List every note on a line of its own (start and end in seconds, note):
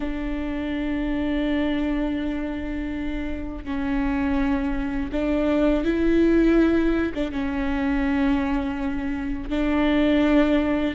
0.00 3.64 D4
3.64 5.10 C#4
5.12 5.84 D4
5.84 7.12 E4
7.14 7.31 D4
7.31 9.50 C#4
9.50 10.94 D4